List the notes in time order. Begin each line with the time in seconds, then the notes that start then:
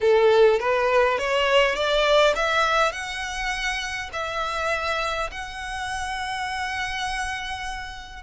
0.00 A4
0.59 B4
1.18 C#5
1.75 D5
2.35 E5
2.92 F#5
4.13 E5
5.31 F#5